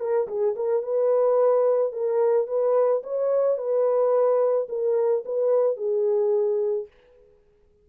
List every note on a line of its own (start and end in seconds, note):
0.00 0.28 A#4
0.28 0.55 G#4
0.56 0.83 A#4
0.83 1.93 B4
1.93 2.47 A#4
2.47 3.03 B4
3.03 3.58 C#5
3.58 4.68 B4
4.69 5.24 A#4
5.25 5.77 B4
5.77 6.87 G#4